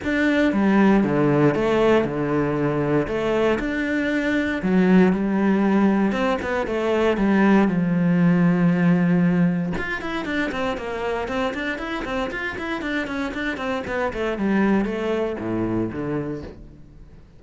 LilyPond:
\new Staff \with { instrumentName = "cello" } { \time 4/4 \tempo 4 = 117 d'4 g4 d4 a4 | d2 a4 d'4~ | d'4 fis4 g2 | c'8 b8 a4 g4 f4~ |
f2. f'8 e'8 | d'8 c'8 ais4 c'8 d'8 e'8 c'8 | f'8 e'8 d'8 cis'8 d'8 c'8 b8 a8 | g4 a4 a,4 d4 | }